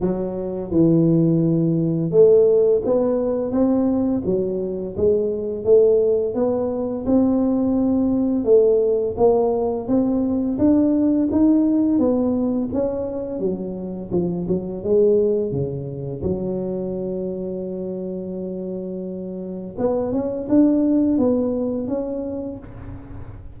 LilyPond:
\new Staff \with { instrumentName = "tuba" } { \time 4/4 \tempo 4 = 85 fis4 e2 a4 | b4 c'4 fis4 gis4 | a4 b4 c'2 | a4 ais4 c'4 d'4 |
dis'4 b4 cis'4 fis4 | f8 fis8 gis4 cis4 fis4~ | fis1 | b8 cis'8 d'4 b4 cis'4 | }